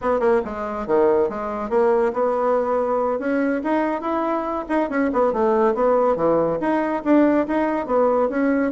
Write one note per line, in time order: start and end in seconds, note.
0.01 0.20 B3
0.20 0.41 A#3
0.45 0.86 G#3
0.86 1.29 D#3
1.29 1.69 G#3
1.69 2.12 A#3
2.13 3.19 B3
3.19 3.61 C#4
3.63 4.01 D#4
4.01 4.65 E4
4.68 4.89 D#4
4.89 5.10 C#4
5.12 5.32 B3
5.32 5.74 A3
5.74 6.16 B3
6.16 6.58 E3
6.60 7.03 D#4
7.04 7.46 D4
7.47 7.86 D#4
7.86 8.29 B3
8.29 8.71 C#4